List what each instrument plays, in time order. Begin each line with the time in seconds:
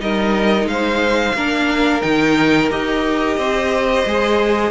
0.00 cello G3, viola D#4, violin A#4 D#5
0.65 cello G#3, violin C5 F5
1.34 cello A#3, viola D4, violin A#4
2.02 cello D#3, viola D#4, violin G5
2.70 cello D#4, viola G4, violin D#5
3.37 cello C4, violin C5
4.06 cello G#3, viola G#4